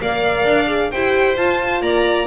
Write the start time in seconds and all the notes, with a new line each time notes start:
0.00 A#3 A#4 D5 F5
0.45 D4
0.68 G#4
0.91 E4 G4 C5 G5
1.37 F4 A5
1.82 A#3 D5 A#5